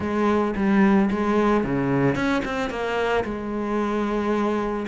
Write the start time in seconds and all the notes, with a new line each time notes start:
0.00 G#3
0.56 G3
1.10 G#3
1.63 C#3
2.15 C#4
2.44 C4
2.70 A#3
3.24 G#3